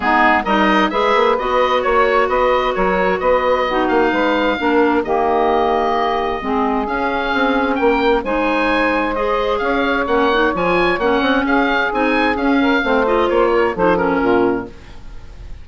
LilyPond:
<<
  \new Staff \with { instrumentName = "oboe" } { \time 4/4 \tempo 4 = 131 gis'4 dis''4 e''4 dis''4 | cis''4 dis''4 cis''4 dis''4~ | dis''8 f''2~ f''8 dis''4~ | dis''2. f''4~ |
f''4 g''4 gis''2 | dis''4 f''4 fis''4 gis''4 | fis''4 f''4 gis''4 f''4~ | f''8 dis''8 cis''4 c''8 ais'4. | }
  \new Staff \with { instrumentName = "saxophone" } { \time 4/4 dis'4 ais'4 b'2 | cis''4 b'4 ais'4 b'4 | fis'4 b'4 ais'4 g'4~ | g'2 gis'2~ |
gis'4 ais'4 c''2~ | c''4 cis''2.~ | cis''4 gis'2~ gis'8 ais'8 | c''4. ais'8 a'4 f'4 | }
  \new Staff \with { instrumentName = "clarinet" } { \time 4/4 b4 dis'4 gis'4 fis'4~ | fis'1 | dis'2 d'4 ais4~ | ais2 c'4 cis'4~ |
cis'2 dis'2 | gis'2 cis'8 dis'8 f'4 | cis'2 dis'4 cis'4 | c'8 f'4. dis'8 cis'4. | }
  \new Staff \with { instrumentName = "bassoon" } { \time 4/4 gis4 g4 gis8 ais8 b4 | ais4 b4 fis4 b4~ | b8 ais8 gis4 ais4 dis4~ | dis2 gis4 cis'4 |
c'4 ais4 gis2~ | gis4 cis'4 ais4 f4 | ais8 c'8 cis'4 c'4 cis'4 | a4 ais4 f4 ais,4 | }
>>